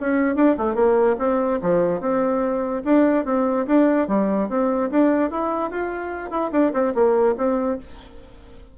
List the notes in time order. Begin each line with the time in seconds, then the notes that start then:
0.00 C#4
0.35 D4
0.57 A3
0.75 A#3
1.19 C4
1.62 F3
2.00 C4
2.84 D4
3.25 C4
3.66 D4
4.08 G3
4.49 C4
4.91 D4
5.30 E4
5.70 F4
6.30 E4
6.52 D4
6.73 C4
6.94 A#3
7.37 C4